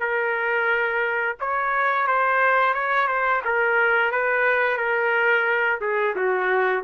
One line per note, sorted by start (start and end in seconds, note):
0.00 1.36 A#4
1.40 2.07 C#5
2.07 2.74 C5
2.74 3.07 C#5
3.07 3.42 C5
3.45 4.12 A#4
4.12 4.77 B4
4.77 5.79 A#4
5.81 6.15 G#4
6.15 6.84 F#4